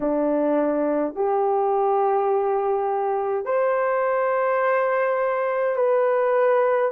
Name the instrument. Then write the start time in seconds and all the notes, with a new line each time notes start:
horn
0.00 D4
1.15 G4
3.45 C5
5.75 B4